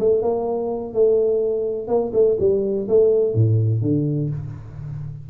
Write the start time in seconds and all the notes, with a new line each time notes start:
0.00 A3
0.22 A#3
0.94 A3
1.88 A#3
2.14 A3
2.40 G3
2.89 A3
3.34 A2
3.82 D3